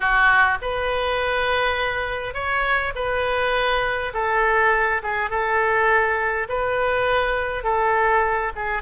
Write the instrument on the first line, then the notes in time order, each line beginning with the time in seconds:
oboe
0.00 F#4
0.61 B4
2.33 C#5
2.95 B4
4.13 A4
5.02 G#4
5.29 A4
6.49 B4
7.63 A4
8.55 G#4